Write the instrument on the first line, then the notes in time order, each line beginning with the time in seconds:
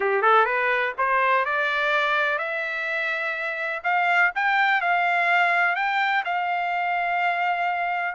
trumpet
0.00 G4
0.22 A4
0.45 B4
0.98 C5
1.45 D5
2.38 E5
3.83 F5
4.35 G5
4.81 F5
5.75 G5
6.24 F5